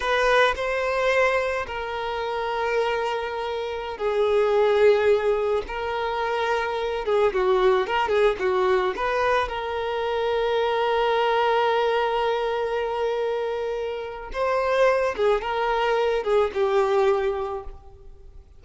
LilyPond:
\new Staff \with { instrumentName = "violin" } { \time 4/4 \tempo 4 = 109 b'4 c''2 ais'4~ | ais'2.~ ais'16 gis'8.~ | gis'2~ gis'16 ais'4.~ ais'16~ | ais'8. gis'8 fis'4 ais'8 gis'8 fis'8.~ |
fis'16 b'4 ais'2~ ais'8.~ | ais'1~ | ais'2 c''4. gis'8 | ais'4. gis'8 g'2 | }